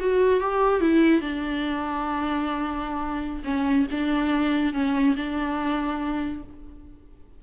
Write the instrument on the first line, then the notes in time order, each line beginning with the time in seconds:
viola
0.00 F#4
0.40 G4
0.81 E4
1.21 D4
3.44 C#4
3.91 D4
4.73 C#4
5.16 D4